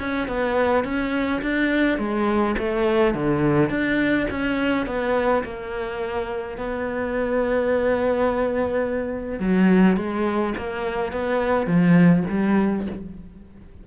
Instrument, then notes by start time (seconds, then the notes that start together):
cello
0.00 C#4
0.28 B3
0.84 C#4
1.42 D4
1.99 G#3
2.59 A3
3.15 D3
3.70 D4
4.31 C#4
4.86 B3
5.44 A#3
6.58 B3
9.40 F#3
9.97 G#3
10.58 A#3
11.13 B3
11.67 F3
12.30 G3